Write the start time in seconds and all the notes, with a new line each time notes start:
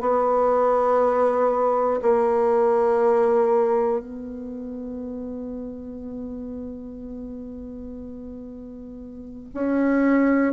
0.00 B3
2.02 A#3
4.00 B3
9.54 C#4